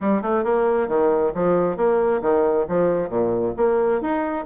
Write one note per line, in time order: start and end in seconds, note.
0.00 0.21 G3
0.21 0.43 A3
0.43 0.87 A#3
0.87 1.32 D#3
1.34 1.76 F3
1.76 2.21 A#3
2.21 2.65 D#3
2.68 3.09 F3
3.09 3.53 A#2
3.57 4.01 A#3
4.01 4.45 D#4